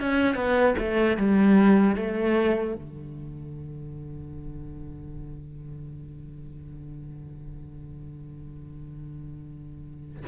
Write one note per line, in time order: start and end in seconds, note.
0.00 0.35 C#4
0.35 0.74 B3
0.78 1.17 A3
1.17 1.96 G3
1.96 2.75 A3
2.75 10.25 D3